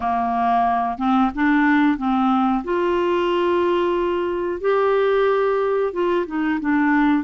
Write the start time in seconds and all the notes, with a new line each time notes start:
0.00 A#3
0.97 C4
1.34 D4
1.97 C4
2.63 F4
4.60 G4
5.93 F4
6.26 D#4
6.60 D4